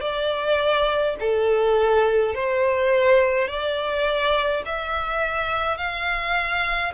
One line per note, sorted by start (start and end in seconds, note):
0.00 1.15 D5
1.20 2.34 A4
2.34 3.47 C5
3.47 4.63 D5
4.65 5.77 E5
5.77 6.92 F5